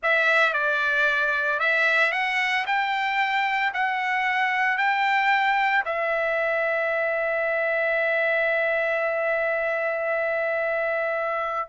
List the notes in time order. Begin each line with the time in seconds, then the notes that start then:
0.03 E5
0.53 D5
1.59 E5
2.12 F#5
2.66 G5
3.73 F#5
4.77 G5
5.85 E5